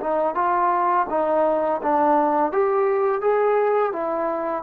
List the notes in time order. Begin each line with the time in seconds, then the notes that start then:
0.00 D#4
0.35 F4
1.09 D#4
1.82 D4
2.52 G4
3.21 G#4
3.92 E4